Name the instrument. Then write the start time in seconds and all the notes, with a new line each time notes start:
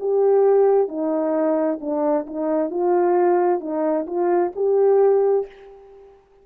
horn
0.00 G4
0.88 D#4
1.81 D4
2.26 D#4
2.70 F4
3.60 D#4
4.07 F4
4.56 G4